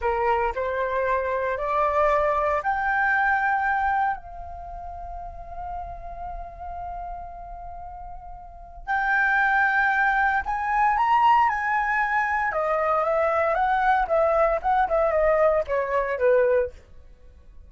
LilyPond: \new Staff \with { instrumentName = "flute" } { \time 4/4 \tempo 4 = 115 ais'4 c''2 d''4~ | d''4 g''2. | f''1~ | f''1~ |
f''4 g''2. | gis''4 ais''4 gis''2 | dis''4 e''4 fis''4 e''4 | fis''8 e''8 dis''4 cis''4 b'4 | }